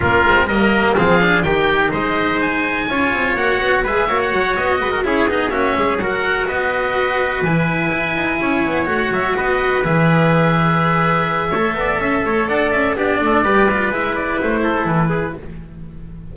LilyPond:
<<
  \new Staff \with { instrumentName = "oboe" } { \time 4/4 \tempo 4 = 125 ais'4 dis''4 f''4 g''4 | dis''4 gis''2 fis''4 | e''8. fis''8. dis''4 cis''8 dis''8 e''8~ | e''8 fis''4 dis''2 gis''8~ |
gis''2~ gis''8 fis''8 e''8 dis''8~ | dis''8 e''2.~ e''8~ | e''2 fis''8 e''8 d''4~ | d''4 e''8 d''8 c''4 b'4 | }
  \new Staff \with { instrumentName = "trumpet" } { \time 4/4 f'4 ais'4 gis'4 g'4 | c''2 cis''2 | b'8 cis''4. b'16 ais'16 gis'4 fis'8 | gis'8 ais'4 b'2~ b'8~ |
b'4. cis''2 b'8~ | b'1 | cis''8 d''8 e''8 cis''8 d''4 g'8 a'8 | b'2~ b'8 a'4 gis'8 | }
  \new Staff \with { instrumentName = "cello" } { \time 4/4 cis'8 c'8 ais4 c'8 d'8 dis'4~ | dis'2 f'4 fis'4 | gis'8 fis'2 e'8 dis'8 cis'8~ | cis'8 fis'2. e'8~ |
e'2~ e'8 fis'4.~ | fis'8 gis'2.~ gis'8 | a'2. d'4 | g'8 f'8 e'2. | }
  \new Staff \with { instrumentName = "double bass" } { \time 4/4 ais8 gis8 g4 f4 dis4 | gis2 cis'8 c'8 ais8 b8 | gis8 ais8 fis8 b8 gis8 cis'8 b8 ais8 | gis8 fis4 b2 e8~ |
e8 e'8 dis'8 cis'8 b8 a8 fis8 b8~ | b8 e2.~ e8 | a8 b8 cis'8 a8 d'8 cis'8 b8 a8 | g4 gis4 a4 e4 | }
>>